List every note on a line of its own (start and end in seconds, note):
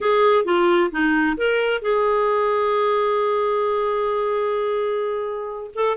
0.00 0.45 G#4
0.45 0.90 F4
0.91 1.37 D#4
1.37 1.81 A#4
1.81 5.70 G#4
5.74 5.97 A4